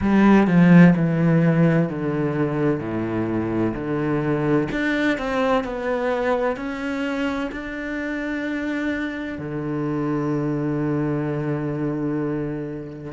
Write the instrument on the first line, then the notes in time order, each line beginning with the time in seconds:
cello
0.01 G3
0.47 F3
0.95 E3
1.89 D3
2.80 A2
3.74 D3
4.71 D4
5.18 C4
5.64 B3
6.56 C#4
7.51 D4
9.38 D3